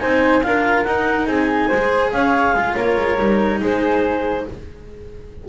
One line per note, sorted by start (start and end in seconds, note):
0.00 0.46 C4
0.00 0.42 D#4
0.00 0.44 C5
0.00 0.43 G#5
0.43 0.87 D4
0.43 0.86 F4
0.43 1.27 A#4
0.43 0.84 F5
0.84 1.26 D#4
0.84 1.72 D#4
0.84 1.26 F#5
1.26 1.69 C4
1.26 1.68 G#4
1.26 2.13 G#5
1.68 2.12 G#3
1.68 2.10 C5
1.74 2.57 G#4
2.12 2.54 C#4
2.12 2.54 C#5
2.12 2.76 F5
2.54 2.75 G#3
2.54 3.18 F4
2.54 2.75 G#4
2.76 2.97 A#3
2.76 3.60 A#4
2.76 3.60 C#5
2.97 3.18 G#3
3.18 3.61 G3
3.18 4.45 D#4
3.61 4.46 G#3
3.61 4.45 G#4
3.61 4.49 C5